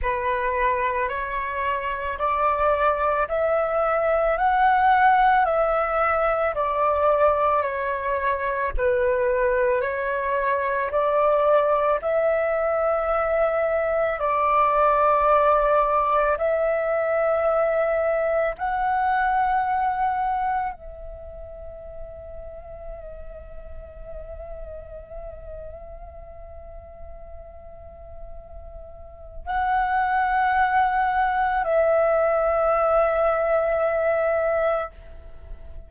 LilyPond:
\new Staff \with { instrumentName = "flute" } { \time 4/4 \tempo 4 = 55 b'4 cis''4 d''4 e''4 | fis''4 e''4 d''4 cis''4 | b'4 cis''4 d''4 e''4~ | e''4 d''2 e''4~ |
e''4 fis''2 e''4~ | e''1~ | e''2. fis''4~ | fis''4 e''2. | }